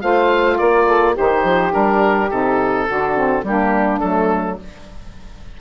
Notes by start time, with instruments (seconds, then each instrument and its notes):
0.00 bassoon A3, saxophone F4 C5, oboe F5
0.57 bassoon A#3, saxophone A#4, oboe D5
0.86 saxophone A4
1.13 saxophone D#4 G4, oboe C5
1.20 bassoon D#3
1.44 bassoon F3
1.71 bassoon G3, saxophone D4, oboe A#4
2.30 bassoon C3, saxophone D#4, oboe A4
2.86 bassoon D3, saxophone D4 F#4
3.16 saxophone C4
3.43 bassoon G3, saxophone A#3 D4, oboe G4
3.99 bassoon F#3, saxophone A3, oboe A4